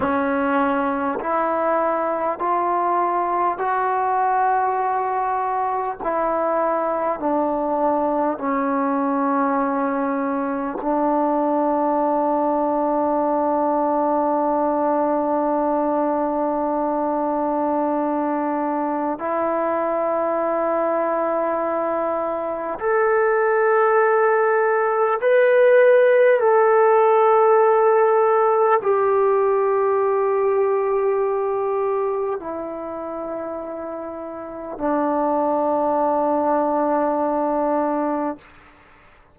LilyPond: \new Staff \with { instrumentName = "trombone" } { \time 4/4 \tempo 4 = 50 cis'4 e'4 f'4 fis'4~ | fis'4 e'4 d'4 cis'4~ | cis'4 d'2.~ | d'1 |
e'2. a'4~ | a'4 b'4 a'2 | g'2. e'4~ | e'4 d'2. | }